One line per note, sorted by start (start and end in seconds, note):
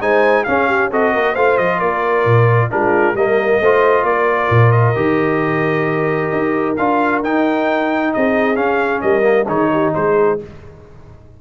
0.00 0.45 G#3
0.00 0.46 D#4
0.00 0.45 C5
0.00 0.44 G#5
0.44 0.91 C#4
0.44 0.92 C#4
0.44 0.67 G#4
0.44 0.89 F5
0.67 0.90 G4
0.90 1.14 C4
0.90 1.36 F#4
0.90 1.12 A4
0.90 1.35 D#5
1.12 1.36 A#3
1.12 1.32 A#4
1.32 1.58 A3
1.32 2.70 F4
1.32 1.77 C5
1.32 1.57 F5
1.57 1.81 F3
1.57 1.79 D#5
1.78 2.25 A#3
1.78 2.68 A#4
1.78 2.70 D5
2.25 2.70 A#2
2.70 3.14 G#3
2.70 3.15 D4
2.70 3.17 F4
2.70 3.16 A#4
3.14 3.59 G3
3.14 3.62 A#3
3.14 3.60 A#4
3.14 4.05 D#5
3.60 4.03 A3
3.60 4.95 F4
3.60 4.06 C5
4.03 4.48 A#3
4.03 8.14 A#4
4.03 4.71 D5
4.50 4.95 A#2
4.71 6.74 D#5
4.95 6.31 D#3
4.95 6.75 G4
6.32 6.77 D#4
6.76 7.23 D4
6.76 7.24 F4
6.76 7.21 F5
7.23 8.13 D#4
7.23 8.55 D#4
7.23 8.13 G5
8.13 8.56 C4
8.13 9.02 G#4
8.13 8.56 D#5
8.55 9.21 C#4
8.55 9.01 C#4
8.55 9.01 F5
9.01 9.47 G3
9.01 9.47 A#4
9.01 9.46 D#5
9.21 9.44 A#3
9.47 9.93 D#3
9.47 10.38 D#4
9.47 9.70 G#4
9.47 9.93 C#5
9.72 9.95 G4
9.94 10.41 G#3
9.94 10.40 G#4
9.94 10.39 C5